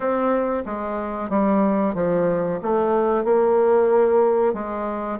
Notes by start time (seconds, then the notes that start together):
0.00 C4
0.65 G#3
1.29 G3
1.94 F3
2.62 A3
3.24 A#3
4.53 G#3